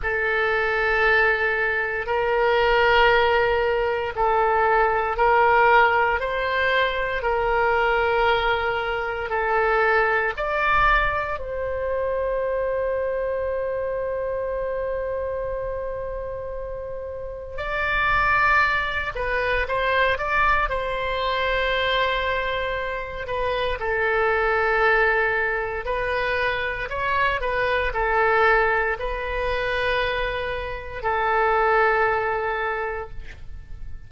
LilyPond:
\new Staff \with { instrumentName = "oboe" } { \time 4/4 \tempo 4 = 58 a'2 ais'2 | a'4 ais'4 c''4 ais'4~ | ais'4 a'4 d''4 c''4~ | c''1~ |
c''4 d''4. b'8 c''8 d''8 | c''2~ c''8 b'8 a'4~ | a'4 b'4 cis''8 b'8 a'4 | b'2 a'2 | }